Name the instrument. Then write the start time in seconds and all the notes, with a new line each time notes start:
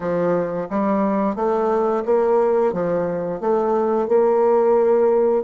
bassoon
0.00 F3
0.70 G3
1.35 A3
2.05 A#3
2.72 F3
3.40 A3
4.08 A#3